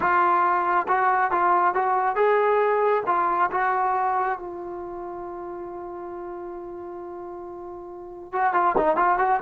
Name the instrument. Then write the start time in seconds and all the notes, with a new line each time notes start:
trombone
0.00 F4
0.88 F#4
1.31 F4
1.74 F#4
2.15 G#4
3.06 F4
3.51 F#4
4.38 F4
8.32 F#4
8.53 F4
8.77 D#4
8.96 F4
9.18 F#4